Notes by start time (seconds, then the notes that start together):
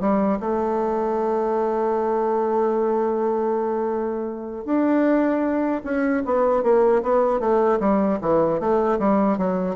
0.00 G3
0.40 A3
4.65 D4
5.84 C#4
6.25 B3
6.63 A#3
7.03 B3
7.40 A3
7.80 G3
8.21 E3
8.60 A3
8.99 G3
9.38 F#3